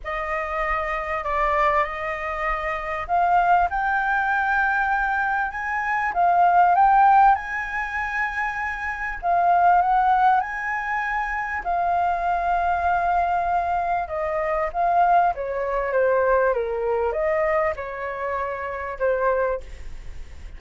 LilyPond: \new Staff \with { instrumentName = "flute" } { \time 4/4 \tempo 4 = 98 dis''2 d''4 dis''4~ | dis''4 f''4 g''2~ | g''4 gis''4 f''4 g''4 | gis''2. f''4 |
fis''4 gis''2 f''4~ | f''2. dis''4 | f''4 cis''4 c''4 ais'4 | dis''4 cis''2 c''4 | }